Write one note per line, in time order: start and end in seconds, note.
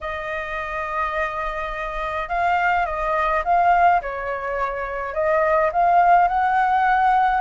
0.01 2.29 D#5
2.29 2.86 F5
2.86 3.43 D#5
3.44 4.01 F5
4.01 5.14 C#5
5.14 5.71 D#5
5.72 6.28 F5
6.28 7.41 F#5